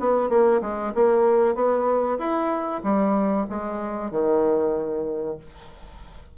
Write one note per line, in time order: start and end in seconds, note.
0.00 0.30 B3
0.30 0.61 A#3
0.62 0.93 G#3
0.95 1.55 A#3
1.55 2.18 B3
2.19 2.82 E4
2.84 3.47 G3
3.50 4.11 G#3
4.11 5.38 D#3